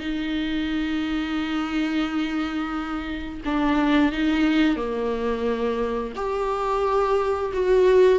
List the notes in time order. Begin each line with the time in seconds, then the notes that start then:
0.00 D#4
3.46 D4
4.12 D#4
4.77 A#3
6.16 G4
7.54 F#4